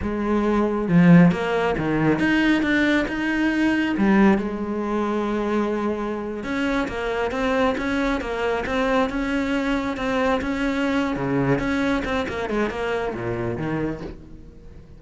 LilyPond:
\new Staff \with { instrumentName = "cello" } { \time 4/4 \tempo 4 = 137 gis2 f4 ais4 | dis4 dis'4 d'4 dis'4~ | dis'4 g4 gis2~ | gis2~ gis8. cis'4 ais16~ |
ais8. c'4 cis'4 ais4 c'16~ | c'8. cis'2 c'4 cis'16~ | cis'4. cis4 cis'4 c'8 | ais8 gis8 ais4 ais,4 dis4 | }